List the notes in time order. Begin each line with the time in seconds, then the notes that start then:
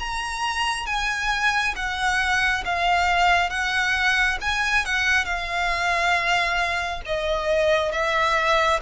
0.00 A#5
0.87 G#5
1.76 F#5
2.66 F5
3.50 F#5
4.42 G#5
4.86 F#5
5.25 F5
7.06 D#5
7.92 E5